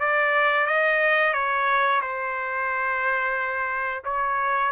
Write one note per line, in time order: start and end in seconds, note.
0.00 0.67 D5
0.67 1.34 D#5
1.34 2.01 C#5
2.02 4.04 C5
4.05 4.72 C#5